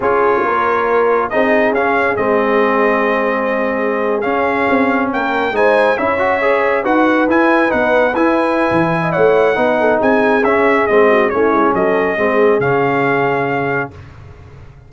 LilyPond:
<<
  \new Staff \with { instrumentName = "trumpet" } { \time 4/4 \tempo 4 = 138 cis''2. dis''4 | f''4 dis''2.~ | dis''4.~ dis''16 f''2 g''16~ | g''8. gis''4 e''2 fis''16~ |
fis''8. gis''4 fis''4 gis''4~ gis''16~ | gis''4 fis''2 gis''4 | e''4 dis''4 cis''4 dis''4~ | dis''4 f''2. | }
  \new Staff \with { instrumentName = "horn" } { \time 4/4 gis'4 ais'2 gis'4~ | gis'1~ | gis'2.~ gis'8. ais'16~ | ais'8. c''4 cis''2 b'16~ |
b'1~ | b'8. dis''16 cis''4 b'8 a'8 gis'4~ | gis'4. fis'8 e'4 a'4 | gis'1 | }
  \new Staff \with { instrumentName = "trombone" } { \time 4/4 f'2. dis'4 | cis'4 c'2.~ | c'4.~ c'16 cis'2~ cis'16~ | cis'8. dis'4 e'8 fis'8 gis'4 fis'16~ |
fis'8. e'4 dis'4 e'4~ e'16~ | e'2 dis'2 | cis'4 c'4 cis'2 | c'4 cis'2. | }
  \new Staff \with { instrumentName = "tuba" } { \time 4/4 cis'4 ais2 c'4 | cis'4 gis2.~ | gis4.~ gis16 cis'4 c'4 ais16~ | ais8. gis4 cis'2 dis'16~ |
dis'8. e'4 b4 e'4~ e'16 | e4 a4 b4 c'4 | cis'4 gis4 a8 gis8 fis4 | gis4 cis2. | }
>>